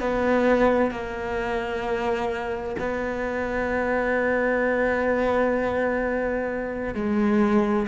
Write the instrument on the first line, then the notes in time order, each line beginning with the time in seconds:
cello
0.00 B3
0.91 A#3
2.79 B3
6.94 G#3